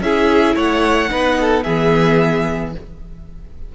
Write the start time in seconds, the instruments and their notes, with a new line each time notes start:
0.00 cello C#4, viola E4, violin G#4 E5
0.55 cello A3, violin C#5 F#5
1.09 cello B3, viola D#4, violin B4
1.40 violin A4
1.63 cello E3, viola B3, violin G#4 E5